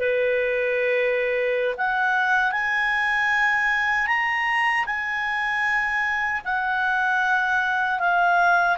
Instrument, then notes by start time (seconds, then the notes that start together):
clarinet
0.00 B4
1.78 F#5
2.52 G#5
4.08 A#5
4.86 G#5
6.45 F#5
8.00 F5